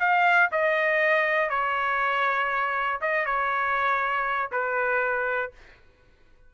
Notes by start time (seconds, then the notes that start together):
0.00 F5
0.52 D#5
1.50 C#5
3.02 D#5
3.26 C#5
4.52 B4